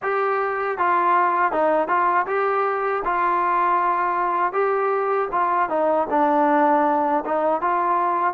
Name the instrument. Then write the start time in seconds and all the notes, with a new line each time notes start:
trombone
0.02 G4
0.78 F4
1.52 D#4
1.87 F4
2.26 G4
3.04 F4
4.52 G4
5.31 F4
5.69 D#4
6.10 D4
7.25 D#4
7.61 F4